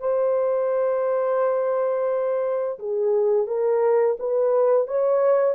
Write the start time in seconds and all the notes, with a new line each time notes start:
0.00 C5
2.79 G#4
3.48 A#4
4.20 B4
4.88 C#5